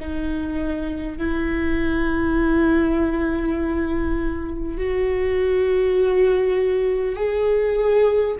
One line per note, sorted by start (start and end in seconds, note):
0.00 1.17 D#4
1.17 4.77 E4
4.77 7.16 F#4
7.16 8.36 G#4